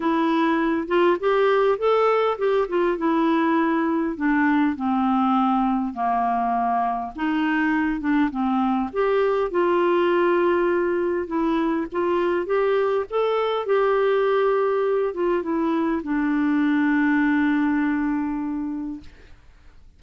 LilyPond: \new Staff \with { instrumentName = "clarinet" } { \time 4/4 \tempo 4 = 101 e'4. f'8 g'4 a'4 | g'8 f'8 e'2 d'4 | c'2 ais2 | dis'4. d'8 c'4 g'4 |
f'2. e'4 | f'4 g'4 a'4 g'4~ | g'4. f'8 e'4 d'4~ | d'1 | }